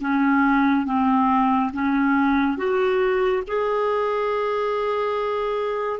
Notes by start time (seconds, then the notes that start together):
0.00 C#4
0.86 C4
1.73 C#4
2.57 F#4
3.47 G#4